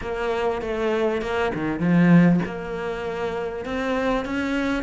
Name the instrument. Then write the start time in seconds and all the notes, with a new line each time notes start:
cello
0.01 A#3
0.61 A3
1.21 A#3
1.54 D#3
1.79 F3
2.45 A#3
3.65 C4
4.25 C#4